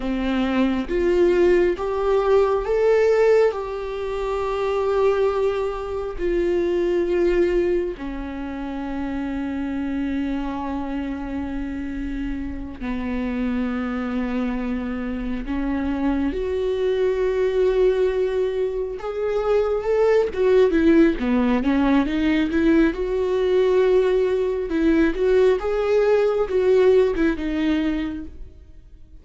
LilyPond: \new Staff \with { instrumentName = "viola" } { \time 4/4 \tempo 4 = 68 c'4 f'4 g'4 a'4 | g'2. f'4~ | f'4 cis'2.~ | cis'2~ cis'8 b4.~ |
b4. cis'4 fis'4.~ | fis'4. gis'4 a'8 fis'8 e'8 | b8 cis'8 dis'8 e'8 fis'2 | e'8 fis'8 gis'4 fis'8. e'16 dis'4 | }